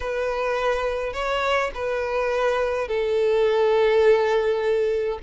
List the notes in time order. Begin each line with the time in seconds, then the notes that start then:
0.00 B4
1.13 C#5
1.74 B4
2.87 A4